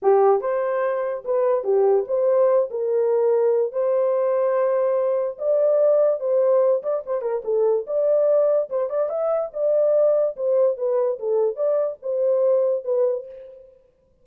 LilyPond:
\new Staff \with { instrumentName = "horn" } { \time 4/4 \tempo 4 = 145 g'4 c''2 b'4 | g'4 c''4. ais'4.~ | ais'4 c''2.~ | c''4 d''2 c''4~ |
c''8 d''8 c''8 ais'8 a'4 d''4~ | d''4 c''8 d''8 e''4 d''4~ | d''4 c''4 b'4 a'4 | d''4 c''2 b'4 | }